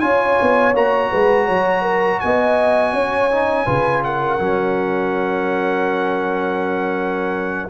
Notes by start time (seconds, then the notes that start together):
0.00 C#4 F4 C#5 G#5
0.41 B3
0.74 A#3 F#4 A#5
1.10 G#3 B4
1.45 F#3 C#5
1.81 A#4
2.20 B3 D#5 G#5
2.93 C#4 C#5
3.31 D#4
3.65 C#3 F4 B4
4.04 A#4 F#5
4.39 F#3 C#4